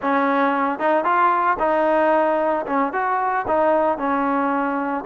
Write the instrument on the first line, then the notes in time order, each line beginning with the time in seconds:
trombone
0.01 C#4
0.79 D#4
1.04 F4
1.59 D#4
2.66 C#4
2.92 F#4
3.47 D#4
3.98 C#4